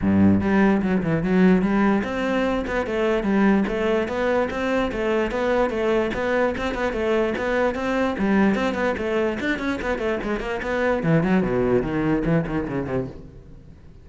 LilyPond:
\new Staff \with { instrumentName = "cello" } { \time 4/4 \tempo 4 = 147 g,4 g4 fis8 e8 fis4 | g4 c'4. b8 a4 | g4 a4 b4 c'4 | a4 b4 a4 b4 |
c'8 b8 a4 b4 c'4 | g4 c'8 b8 a4 d'8 cis'8 | b8 a8 gis8 ais8 b4 e8 fis8 | b,4 dis4 e8 dis8 cis8 c8 | }